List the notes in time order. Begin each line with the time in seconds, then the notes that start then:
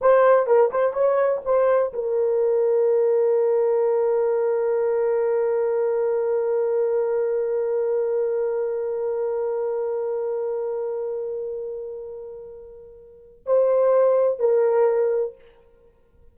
0.01 C5
0.46 A#4
0.71 C5
0.93 C#5
1.44 C5
1.93 A#4
13.46 C5
14.39 A#4